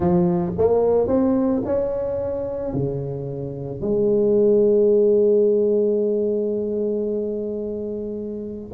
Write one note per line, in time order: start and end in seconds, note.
0.00 0.52 F3
0.58 1.07 A#3
1.07 1.62 C4
1.65 2.73 C#4
2.73 3.81 C#3
3.81 8.72 G#3